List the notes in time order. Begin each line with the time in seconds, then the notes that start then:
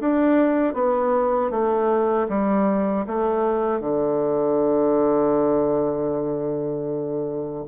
0.00 D4
0.74 B3
1.50 A3
2.29 G3
3.07 A3
3.80 D3